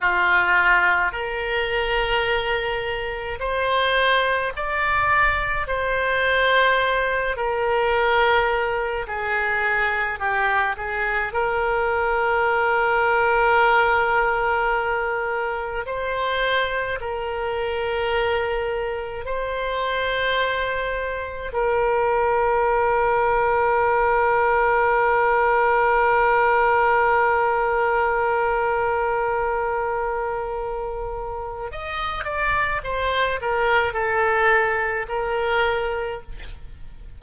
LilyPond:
\new Staff \with { instrumentName = "oboe" } { \time 4/4 \tempo 4 = 53 f'4 ais'2 c''4 | d''4 c''4. ais'4. | gis'4 g'8 gis'8 ais'2~ | ais'2 c''4 ais'4~ |
ais'4 c''2 ais'4~ | ais'1~ | ais'1 | dis''8 d''8 c''8 ais'8 a'4 ais'4 | }